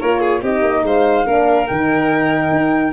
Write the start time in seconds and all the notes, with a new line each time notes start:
0.00 A#3 F4 A#4 C#5
0.20 G#4
0.42 C4 D#4 G4 D#5
0.62 A#3
0.83 G#3 C5 F5
1.26 A#3 D4 A#4
1.67 D#3 D#4 G5
2.51 D#4